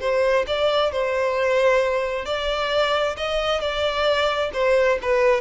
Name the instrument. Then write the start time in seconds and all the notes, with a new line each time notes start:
violin
0.00 C5
0.47 D5
0.92 C5
2.25 D5
3.17 D#5
3.60 D5
4.53 C5
5.02 B4